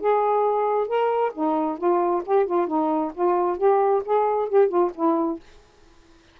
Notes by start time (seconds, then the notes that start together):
0.00 G#4
0.87 A#4
1.34 D#4
1.77 F4
2.26 G4
2.46 F4
2.67 D#4
3.14 F4
3.57 G4
4.05 G#4
4.49 G4
4.68 F4
4.94 E4